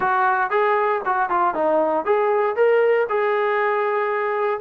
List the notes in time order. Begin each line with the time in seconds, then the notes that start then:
0.00 F#4
0.50 G#4
1.05 F#4
1.29 F4
1.54 D#4
2.05 G#4
2.55 A#4
3.09 G#4